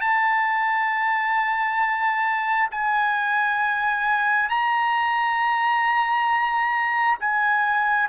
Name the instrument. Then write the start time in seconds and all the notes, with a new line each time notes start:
trumpet
0.00 A5
2.71 G#5
4.49 A#5
7.19 G#5